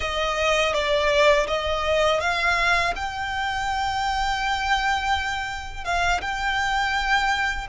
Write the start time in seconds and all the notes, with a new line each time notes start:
0.00 D#5
0.73 D5
1.47 D#5
2.20 F5
2.95 G5
5.84 F5
6.21 G5